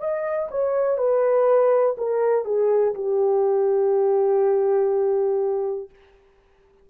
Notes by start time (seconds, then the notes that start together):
0.00 D#5
0.51 C#5
0.98 B4
1.98 A#4
2.45 G#4
2.95 G4